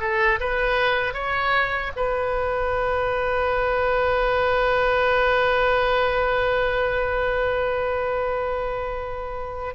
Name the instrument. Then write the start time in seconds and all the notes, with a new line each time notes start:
oboe
0.00 A4
0.40 B4
1.14 C#5
1.96 B4